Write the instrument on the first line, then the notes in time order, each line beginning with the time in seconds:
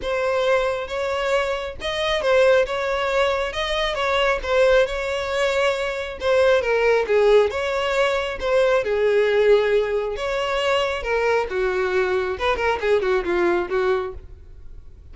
violin
0.01 C5
0.87 C#5
1.81 D#5
2.21 C5
2.66 C#5
3.52 D#5
3.94 C#5
4.42 C5
4.86 C#5
6.20 C5
6.61 A#4
7.07 G#4
7.50 C#5
8.40 C5
8.84 G#4
10.16 C#5
11.03 A#4
11.49 F#4
12.39 B4
12.56 A#4
12.81 G#4
13.01 F#4
13.24 F4
13.69 F#4